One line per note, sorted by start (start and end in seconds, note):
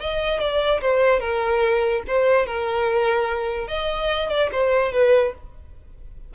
0.00 0.40 D#5
0.40 0.81 D5
0.81 1.20 C5
1.20 2.02 A#4
2.07 2.47 C5
2.47 3.67 A#4
3.67 4.29 D#5
4.29 4.50 D5
4.52 4.92 C5
4.92 5.33 B4